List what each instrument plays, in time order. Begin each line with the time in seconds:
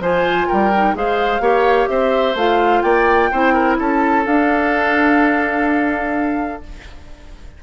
0.00 bassoon F3, clarinet F4, oboe C5, flute G#5
0.48 bassoon G3, oboe A#4, flute G5
0.75 clarinet D#4
0.95 bassoon G#3, clarinet G#4, oboe C5, flute F5
1.40 bassoon A#3, clarinet G4, oboe C#5
1.88 bassoon C4, oboe C5, flute E5
2.35 bassoon A3, clarinet F4, flute F5
2.82 bassoon A#3, oboe D5, flute G5
3.31 bassoon C4, clarinet E4, oboe C5
3.54 oboe A#4
3.79 bassoon C#4, oboe A4, flute A5
4.26 bassoon D4, clarinet D4, flute F5